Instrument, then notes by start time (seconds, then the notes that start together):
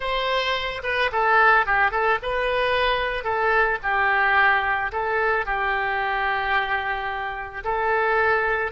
oboe
0.00 C5
0.83 B4
1.12 A4
1.65 G4
1.91 A4
2.22 B4
3.24 A4
3.82 G4
4.91 A4
5.45 G4
7.64 A4